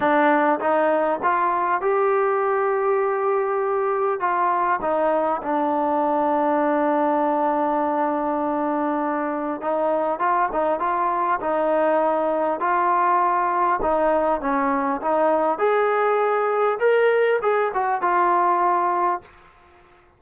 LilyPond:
\new Staff \with { instrumentName = "trombone" } { \time 4/4 \tempo 4 = 100 d'4 dis'4 f'4 g'4~ | g'2. f'4 | dis'4 d'2.~ | d'1 |
dis'4 f'8 dis'8 f'4 dis'4~ | dis'4 f'2 dis'4 | cis'4 dis'4 gis'2 | ais'4 gis'8 fis'8 f'2 | }